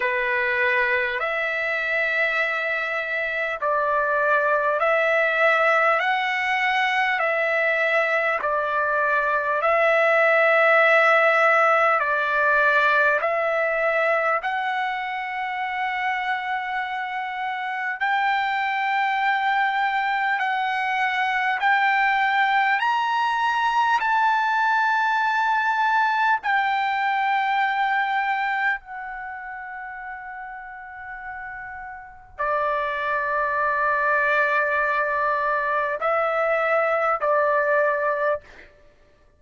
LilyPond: \new Staff \with { instrumentName = "trumpet" } { \time 4/4 \tempo 4 = 50 b'4 e''2 d''4 | e''4 fis''4 e''4 d''4 | e''2 d''4 e''4 | fis''2. g''4~ |
g''4 fis''4 g''4 ais''4 | a''2 g''2 | fis''2. d''4~ | d''2 e''4 d''4 | }